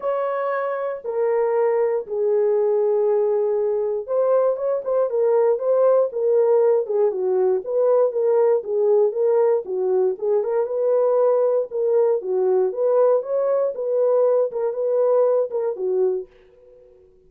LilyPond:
\new Staff \with { instrumentName = "horn" } { \time 4/4 \tempo 4 = 118 cis''2 ais'2 | gis'1 | c''4 cis''8 c''8 ais'4 c''4 | ais'4. gis'8 fis'4 b'4 |
ais'4 gis'4 ais'4 fis'4 | gis'8 ais'8 b'2 ais'4 | fis'4 b'4 cis''4 b'4~ | b'8 ais'8 b'4. ais'8 fis'4 | }